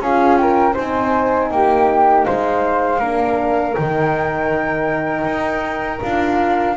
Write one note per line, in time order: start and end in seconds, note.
0.00 0.75 C#4
0.00 0.74 F4
0.00 0.39 G#4
0.00 0.37 F5
0.37 0.74 A#4
0.37 0.75 G5
0.74 1.51 C4
0.74 2.99 D#4
0.74 1.49 C5
0.74 1.52 G#5
1.51 2.26 A#3
1.51 2.26 G4
1.51 2.24 G5
2.24 2.99 G#3
2.24 3.00 C5
2.24 3.74 F5
2.99 3.74 A#3
2.99 3.76 D4
2.99 6.75 A#4
3.75 5.25 D#3
3.75 6.01 D#4
3.75 6.00 G5
5.25 6.00 D#4
6.01 6.77 D4
6.01 6.76 F4
6.01 6.77 F5